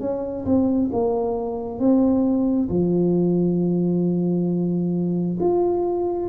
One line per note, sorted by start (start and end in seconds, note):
0.00 0.45 C#4
0.45 0.90 C4
0.92 1.79 A#3
1.79 2.69 C4
2.69 5.38 F3
5.39 6.29 F4